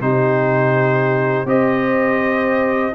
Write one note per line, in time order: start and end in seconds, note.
0.00 1.44 C3
0.00 1.46 D#4
0.00 1.48 G4
0.00 1.47 C5
1.44 2.91 C4
1.44 2.93 G4
1.44 2.94 C5
1.44 2.94 D#5